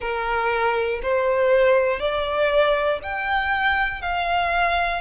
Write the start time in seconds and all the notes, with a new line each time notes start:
0.00 A#4
1.02 C5
2.00 D5
3.03 G5
4.01 F5